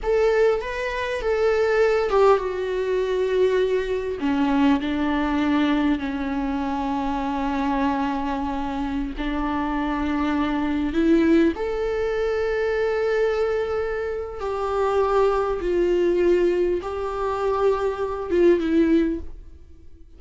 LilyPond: \new Staff \with { instrumentName = "viola" } { \time 4/4 \tempo 4 = 100 a'4 b'4 a'4. g'8 | fis'2. cis'4 | d'2 cis'2~ | cis'2.~ cis'16 d'8.~ |
d'2~ d'16 e'4 a'8.~ | a'1 | g'2 f'2 | g'2~ g'8 f'8 e'4 | }